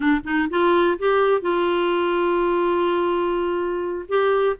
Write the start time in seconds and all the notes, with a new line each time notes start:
0.00 D4
0.24 D#4
0.50 F4
0.98 G4
1.41 F4
4.08 G4